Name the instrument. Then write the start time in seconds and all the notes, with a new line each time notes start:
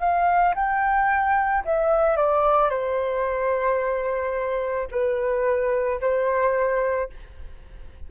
flute
0.00 F5
0.55 G5
1.65 E5
2.16 D5
2.70 C5
4.91 B4
6.00 C5